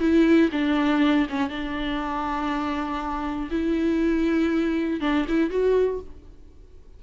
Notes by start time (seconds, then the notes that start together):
0.00 E4
0.52 D4
1.29 C#4
1.50 D4
3.51 E4
5.01 D4
5.28 E4
5.50 F#4